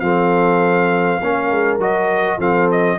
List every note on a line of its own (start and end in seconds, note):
0.00 1.20 F3
0.00 1.22 C4
0.00 1.22 A4
0.00 1.78 F5
1.22 1.51 A#3
1.22 1.80 C#4
1.22 2.39 A#4
1.51 1.79 G#3
1.79 2.38 F#3
1.79 2.39 F#4
1.79 2.40 D#5
2.38 2.98 F3
2.38 2.99 C4
2.38 2.98 A4
2.38 2.71 F5
2.71 2.99 D#5